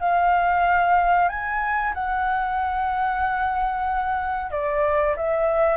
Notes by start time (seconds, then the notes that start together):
0.00 F5
1.29 G#5
1.94 F#5
4.51 D5
5.17 E5